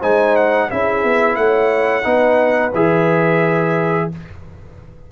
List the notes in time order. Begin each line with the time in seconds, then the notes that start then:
0.00 G#3 D#4 C5 G#5
0.36 F#5
0.70 C#4 E4 G#4 E5
1.04 B3
1.36 A3 C#5 F#5
2.03 B3 D#4 B4
2.74 E3 G#4 E5